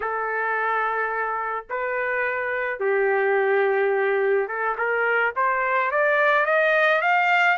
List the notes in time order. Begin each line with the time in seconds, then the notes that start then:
0.00 A4
1.69 B4
2.79 G4
4.48 A4
4.77 A#4
5.36 C5
5.91 D5
6.45 D#5
7.01 F5